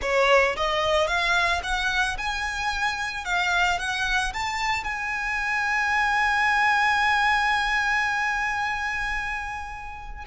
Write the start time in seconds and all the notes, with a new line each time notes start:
0.01 C#5
0.56 D#5
1.07 F5
1.63 F#5
2.17 G#5
3.24 F5
3.78 F#5
4.33 A5
4.84 G#5